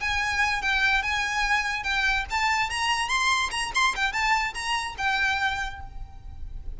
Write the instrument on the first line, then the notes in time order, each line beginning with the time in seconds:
violin
0.00 G#5
0.62 G5
1.02 G#5
1.83 G5
2.30 A5
2.70 A#5
3.08 C6
3.51 A#5
3.74 C6
3.95 G5
4.12 A5
4.54 A#5
4.97 G5